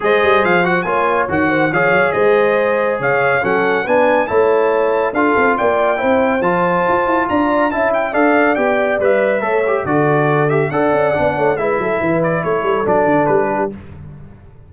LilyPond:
<<
  \new Staff \with { instrumentName = "trumpet" } { \time 4/4 \tempo 4 = 140 dis''4 f''8 fis''8 gis''4 fis''4 | f''4 dis''2 f''4 | fis''4 gis''4 a''2 | f''4 g''2 a''4~ |
a''4 ais''4 a''8 g''8 f''4 | g''4 e''2 d''4~ | d''8 e''8 fis''2 e''4~ | e''8 d''8 cis''4 d''4 b'4 | }
  \new Staff \with { instrumentName = "horn" } { \time 4/4 c''2 cis''4. c''8 | cis''4 c''2 cis''4 | a'4 b'4 cis''2 | a'4 d''4 c''2~ |
c''4 d''4 e''4 d''4~ | d''2 cis''4 a'4~ | a'4 d''4. cis''8 b'8 a'8 | b'4 a'2~ a'8 g'8 | }
  \new Staff \with { instrumentName = "trombone" } { \time 4/4 gis'4. fis'8 f'4 fis'4 | gis'1 | cis'4 d'4 e'2 | f'2 e'4 f'4~ |
f'2 e'4 a'4 | g'4 b'4 a'8 g'8 fis'4~ | fis'8 g'8 a'4 d'4 e'4~ | e'2 d'2 | }
  \new Staff \with { instrumentName = "tuba" } { \time 4/4 gis8 g8 f4 ais4 dis4 | f8 fis8 gis2 cis4 | fis4 b4 a2 | d'8 c'8 ais4 c'4 f4 |
f'8 e'8 d'4 cis'4 d'4 | b4 g4 a4 d4~ | d4 d'8 cis'8 b8 a8 gis8 fis8 | e4 a8 g8 fis8 d8 g4 | }
>>